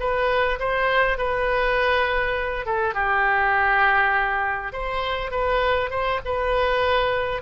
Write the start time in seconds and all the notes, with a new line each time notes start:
0.00 B4
0.60 C5
1.18 B4
2.66 A4
2.95 G4
4.73 C5
5.31 B4
5.91 C5
6.25 B4